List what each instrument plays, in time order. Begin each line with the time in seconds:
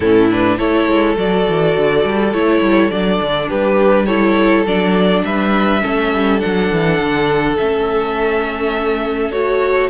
0.00 cello A2, viola C#4, violin E4 A4
0.30 viola D4, violin B4
0.57 cello A3, viola E4, violin A4 C#5
0.87 cello G#3
1.15 cello F#3, viola F#4, violin D5
1.49 cello E3
1.77 cello D3
2.04 cello G3
2.33 cello A3, viola E4, violin C#5
2.61 cello G3
2.91 cello F#3, viola D4, violin D5
3.21 cello D3
3.48 cello G3, violin G4 B4
4.06 viola E4, violin A4 C#5
4.65 cello F#3, viola D4, violin D5
5.24 cello G3, violin B4 E5
5.81 cello A3, viola C#4, violin A4
6.13 cello G3
6.39 cello F#3, viola D4, violin F#5
6.71 cello E3
6.99 cello D3
7.57 cello A3, viola C#4, violin E5
9.31 viola F#4, violin C#5